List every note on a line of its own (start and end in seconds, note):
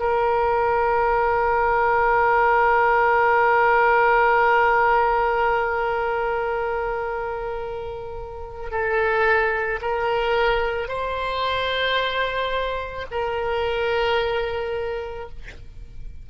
0.00 8.71 A#4
8.71 9.80 A4
9.82 10.88 A#4
10.88 13.07 C5
13.12 15.30 A#4